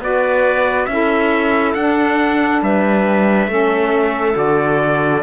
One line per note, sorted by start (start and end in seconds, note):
0.00 0.87 B3
0.00 0.89 F#4
0.00 0.89 B4
0.00 0.86 D5
0.86 1.74 C#4
0.86 1.76 E4
0.86 1.73 E5
0.93 2.64 A4
1.75 2.62 D4
1.75 3.49 D4
1.75 2.62 F#5
2.62 3.48 G3
2.62 3.51 B4
2.62 4.38 E5
3.48 4.35 A3
3.48 4.34 C#4
3.48 5.24 A4
4.34 5.23 D3
4.34 5.21 F#4
4.34 5.24 D5